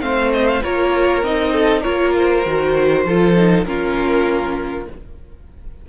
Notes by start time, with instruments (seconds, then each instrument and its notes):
0.00 cello A3, viola C4, violin C5 F5
0.32 violin D#5
0.48 violin F5
0.63 cello A#3, viola F4, violin A#4 C#5
1.23 cello C4, viola D#4, violin D#5
1.53 violin A4
1.82 cello A#3, viola F4, violin A#4 C#5
2.16 violin C5
2.46 cello D#3, viola F#4
3.05 cello F3, viola F4, violin A4
3.36 viola D#4
3.65 cello A#3, viola C#4, violin F4 A#4